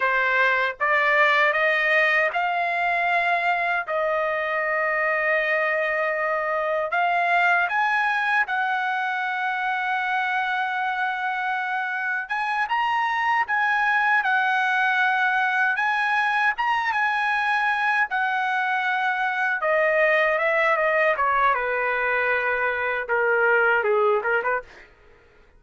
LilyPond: \new Staff \with { instrumentName = "trumpet" } { \time 4/4 \tempo 4 = 78 c''4 d''4 dis''4 f''4~ | f''4 dis''2.~ | dis''4 f''4 gis''4 fis''4~ | fis''1 |
gis''8 ais''4 gis''4 fis''4.~ | fis''8 gis''4 ais''8 gis''4. fis''8~ | fis''4. dis''4 e''8 dis''8 cis''8 | b'2 ais'4 gis'8 ais'16 b'16 | }